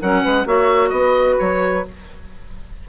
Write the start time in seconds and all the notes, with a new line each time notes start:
0.00 F#3 C#4 A#4 F#5
0.22 G#3 B4
0.45 A#3 F#4 C#5 E5
0.89 B3 D#5
0.96 B4
1.38 F#3 C#5